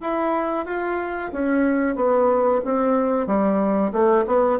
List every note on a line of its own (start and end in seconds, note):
0.00 0.65 E4
0.66 1.31 F4
1.32 1.95 C#4
1.95 2.61 B3
2.65 3.26 C4
3.26 3.92 G3
3.92 4.25 A3
4.27 4.59 B3